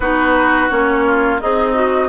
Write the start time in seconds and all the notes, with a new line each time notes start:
0.00 B3 D#4 F#4 B4
0.69 A#3 C#4 C#5
1.05 F4
1.39 C4 D#4 G#4 D#5
1.74 F#4